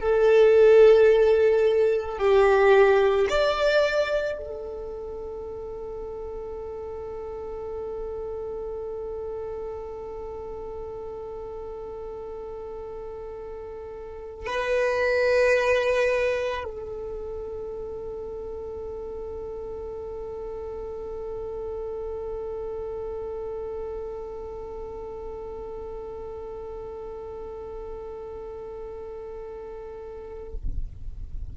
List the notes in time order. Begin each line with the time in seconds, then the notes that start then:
0.00 A4
2.18 G4
3.30 D5
4.38 A4
14.46 B4
16.64 A4